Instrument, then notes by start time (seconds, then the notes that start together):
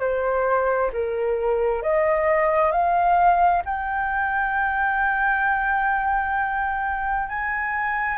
flute
0.00 C5
0.93 A#4
1.83 D#5
2.71 F5
3.65 G5
7.29 G#5